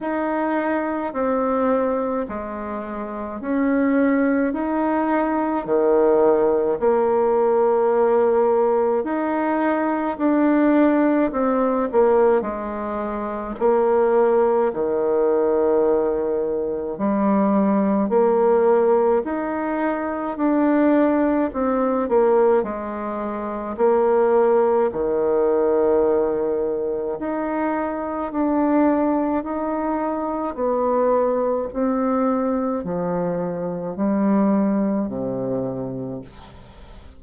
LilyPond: \new Staff \with { instrumentName = "bassoon" } { \time 4/4 \tempo 4 = 53 dis'4 c'4 gis4 cis'4 | dis'4 dis4 ais2 | dis'4 d'4 c'8 ais8 gis4 | ais4 dis2 g4 |
ais4 dis'4 d'4 c'8 ais8 | gis4 ais4 dis2 | dis'4 d'4 dis'4 b4 | c'4 f4 g4 c4 | }